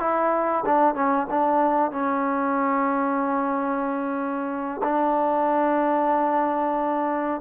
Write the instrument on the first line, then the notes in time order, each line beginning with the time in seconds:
trombone
0.00 E4
0.65 D4
0.95 C#4
1.30 D4
1.91 C#4
4.84 D4